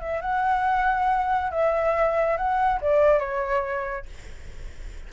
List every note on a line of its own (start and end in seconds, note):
0.00 0.21 E5
0.21 1.51 F#5
1.51 2.37 E5
2.37 2.80 F#5
2.81 3.19 D5
3.19 4.05 C#5